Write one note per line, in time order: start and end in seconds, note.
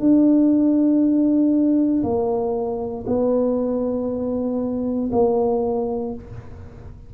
0.00 2.03 D4
2.03 3.05 A#3
3.07 5.11 B3
5.13 6.14 A#3